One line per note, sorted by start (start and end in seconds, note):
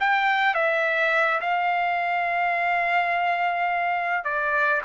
0.00 0.55 G5
0.55 1.40 E5
1.41 4.24 F5
4.24 4.82 D5